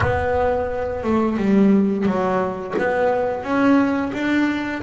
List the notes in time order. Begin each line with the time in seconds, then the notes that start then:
0.00 B3
1.03 A3
1.37 G3
2.06 F#3
2.78 B3
3.43 C#4
4.13 D4